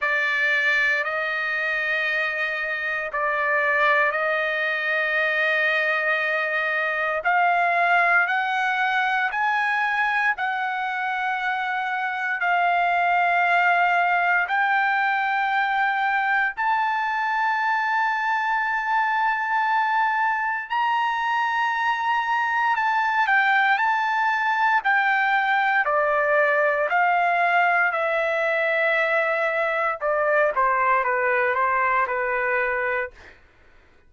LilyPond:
\new Staff \with { instrumentName = "trumpet" } { \time 4/4 \tempo 4 = 58 d''4 dis''2 d''4 | dis''2. f''4 | fis''4 gis''4 fis''2 | f''2 g''2 |
a''1 | ais''2 a''8 g''8 a''4 | g''4 d''4 f''4 e''4~ | e''4 d''8 c''8 b'8 c''8 b'4 | }